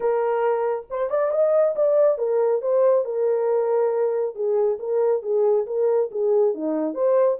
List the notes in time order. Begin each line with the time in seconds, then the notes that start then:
0.00 A#4
0.89 C5
1.09 D5
1.31 D#5
1.75 D5
2.18 A#4
2.61 C5
3.04 A#4
4.35 G#4
4.79 A#4
5.22 G#4
5.66 A#4
6.11 G#4
6.54 D#4
6.94 C5